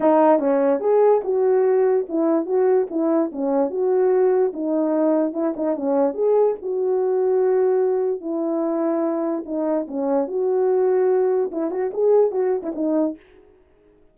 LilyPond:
\new Staff \with { instrumentName = "horn" } { \time 4/4 \tempo 4 = 146 dis'4 cis'4 gis'4 fis'4~ | fis'4 e'4 fis'4 e'4 | cis'4 fis'2 dis'4~ | dis'4 e'8 dis'8 cis'4 gis'4 |
fis'1 | e'2. dis'4 | cis'4 fis'2. | e'8 fis'8 gis'4 fis'8. e'16 dis'4 | }